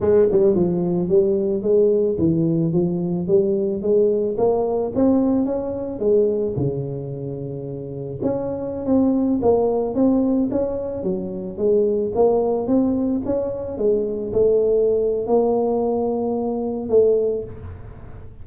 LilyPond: \new Staff \with { instrumentName = "tuba" } { \time 4/4 \tempo 4 = 110 gis8 g8 f4 g4 gis4 | e4 f4 g4 gis4 | ais4 c'4 cis'4 gis4 | cis2. cis'4~ |
cis'16 c'4 ais4 c'4 cis'8.~ | cis'16 fis4 gis4 ais4 c'8.~ | c'16 cis'4 gis4 a4.~ a16 | ais2. a4 | }